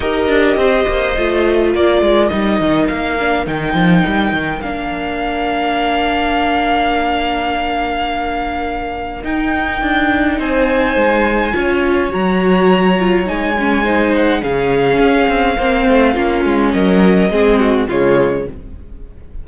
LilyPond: <<
  \new Staff \with { instrumentName = "violin" } { \time 4/4 \tempo 4 = 104 dis''2. d''4 | dis''4 f''4 g''2 | f''1~ | f''1 |
g''2 gis''2~ | gis''4 ais''2 gis''4~ | gis''8 fis''8 f''2.~ | f''4 dis''2 cis''4 | }
  \new Staff \with { instrumentName = "violin" } { \time 4/4 ais'4 c''2 ais'4~ | ais'1~ | ais'1~ | ais'1~ |
ais'2 c''2 | cis''1 | c''4 gis'2 c''4 | f'4 ais'4 gis'8 fis'8 f'4 | }
  \new Staff \with { instrumentName = "viola" } { \time 4/4 g'2 f'2 | dis'4. d'8 dis'2 | d'1~ | d'1 |
dis'1 | f'4 fis'4. f'8 dis'8 cis'8 | dis'4 cis'2 c'4 | cis'2 c'4 gis4 | }
  \new Staff \with { instrumentName = "cello" } { \time 4/4 dis'8 d'8 c'8 ais8 a4 ais8 gis8 | g8 dis8 ais4 dis8 f8 g8 dis8 | ais1~ | ais1 |
dis'4 d'4 c'4 gis4 | cis'4 fis2 gis4~ | gis4 cis4 cis'8 c'8 ais8 a8 | ais8 gis8 fis4 gis4 cis4 | }
>>